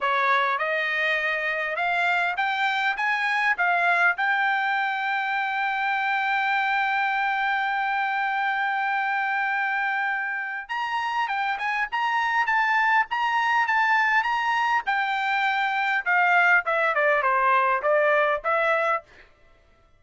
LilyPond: \new Staff \with { instrumentName = "trumpet" } { \time 4/4 \tempo 4 = 101 cis''4 dis''2 f''4 | g''4 gis''4 f''4 g''4~ | g''1~ | g''1~ |
g''2 ais''4 g''8 gis''8 | ais''4 a''4 ais''4 a''4 | ais''4 g''2 f''4 | e''8 d''8 c''4 d''4 e''4 | }